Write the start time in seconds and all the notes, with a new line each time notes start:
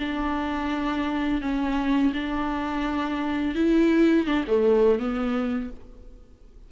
0.00 D4
1.42 C#4
2.14 D4
3.55 E4
4.27 D4
4.48 A3
4.99 B3